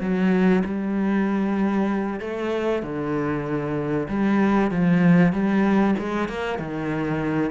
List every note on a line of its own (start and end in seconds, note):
0.00 0.62 F#3
0.64 2.20 G3
2.20 2.82 A3
2.82 4.07 D3
4.08 4.71 G3
4.71 5.32 F3
5.32 5.95 G3
5.99 6.28 G#3
6.28 6.58 A#3
6.58 7.50 D#3